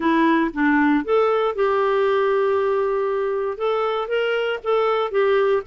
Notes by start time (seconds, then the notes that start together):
0.00 E4
0.53 D4
1.04 A4
1.55 G4
3.57 A4
4.08 A#4
4.63 A4
5.11 G4